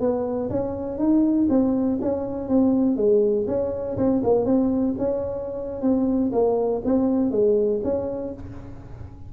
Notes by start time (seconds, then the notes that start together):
0.00 B3
0.50 C#4
0.98 D#4
1.49 C4
2.01 C#4
2.48 C4
2.96 G#3
3.47 C#4
3.97 C4
4.23 A#3
4.45 C4
4.98 C#4
5.82 C4
6.32 A#3
6.85 C4
7.31 G#3
7.83 C#4